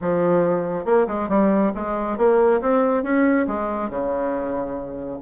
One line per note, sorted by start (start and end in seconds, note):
0.01 0.85 F3
0.85 1.06 A#3
1.07 1.29 G#3
1.29 1.72 G3
1.75 2.17 G#3
2.17 2.60 A#3
2.61 3.03 C4
3.03 3.46 C#4
3.47 3.89 G#3
3.89 5.19 C#3